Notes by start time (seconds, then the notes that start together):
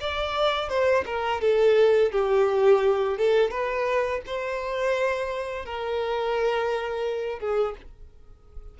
0.00 D5
0.68 C5
1.05 A#4
1.41 A4
2.11 G4
3.18 A4
3.50 B4
4.26 C5
5.65 A#4
7.39 G#4